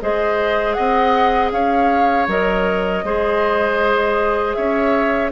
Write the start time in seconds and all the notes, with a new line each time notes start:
0.00 G#3 G#4 C5 D#5
0.73 C4 D#5 F#5
1.52 C#4 C#5 F5
2.27 F#3 A#4 D#5
3.03 G#3 G#4 C5
4.54 C#4 C#5 E5